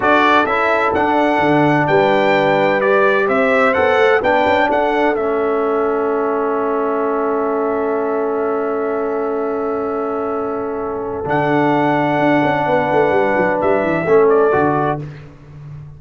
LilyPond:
<<
  \new Staff \with { instrumentName = "trumpet" } { \time 4/4 \tempo 4 = 128 d''4 e''4 fis''2 | g''2 d''4 e''4 | fis''4 g''4 fis''4 e''4~ | e''1~ |
e''1~ | e''1 | fis''1~ | fis''4 e''4. d''4. | }
  \new Staff \with { instrumentName = "horn" } { \time 4/4 a'1 | b'2. c''4~ | c''4 b'4 a'2~ | a'1~ |
a'1~ | a'1~ | a'2. b'4~ | b'2 a'2 | }
  \new Staff \with { instrumentName = "trombone" } { \time 4/4 fis'4 e'4 d'2~ | d'2 g'2 | a'4 d'2 cis'4~ | cis'1~ |
cis'1~ | cis'1 | d'1~ | d'2 cis'4 fis'4 | }
  \new Staff \with { instrumentName = "tuba" } { \time 4/4 d'4 cis'4 d'4 d4 | g2. c'4 | b8 a8 b8 cis'8 d'4 a4~ | a1~ |
a1~ | a1 | d2 d'8 cis'8 b8 a8 | g8 fis8 g8 e8 a4 d4 | }
>>